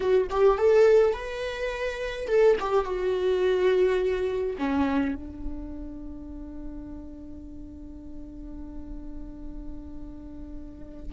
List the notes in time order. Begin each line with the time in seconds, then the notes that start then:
0.00 F#4
0.30 G4
0.58 A4
1.13 B4
2.27 A4
2.59 G4
2.84 F#4
4.58 C#4
5.15 D4